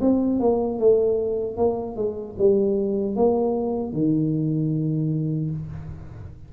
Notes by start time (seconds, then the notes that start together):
0.00 C4
0.39 A#3
0.79 A3
1.56 A#3
1.96 G#3
2.38 G3
3.15 A#3
3.92 D#3